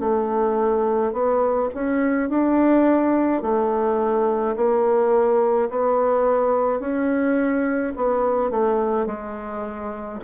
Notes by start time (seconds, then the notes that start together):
0.00 A3
1.13 B3
1.74 C#4
2.30 D4
3.43 A3
4.56 A#3
5.70 B3
6.80 C#4
7.97 B3
8.51 A3
9.06 G#3